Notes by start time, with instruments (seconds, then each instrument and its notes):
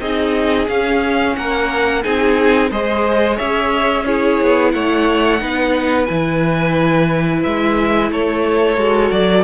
0.00 cello C4, viola D#4, violin G#4 D#5
0.67 viola C#4, cello C#4, violin F5
1.36 cello A#3, violin A#4 F#5
2.03 cello C4, viola D#4, violin G#4 G#5
2.71 cello G#3, viola G#4, violin C5 D#5
3.37 cello C#4, violin C#5 E5
4.05 viola E4, violin G#4 C#5
4.42 cello B3
4.71 cello A3, violin C#5 F#5
5.39 cello B3, viola D#4, violin B4
6.05 cello E3, viola E4, violin G#5
7.43 cello G#3, violin E5
8.11 cello A3, violin A4 C#5
8.77 cello G#3, viola F#4
9.11 cello F#3, violin D5